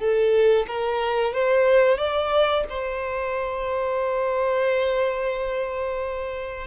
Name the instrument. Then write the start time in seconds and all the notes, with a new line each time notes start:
violin
0.00 A4
0.68 A#4
1.34 C5
1.98 D5
2.70 C5